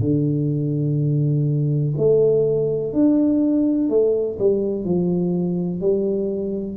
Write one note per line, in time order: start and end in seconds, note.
0.00 1.94 D3
1.97 2.93 A3
2.93 3.89 D4
3.89 4.38 A3
4.39 4.84 G3
4.84 5.81 F3
5.81 6.77 G3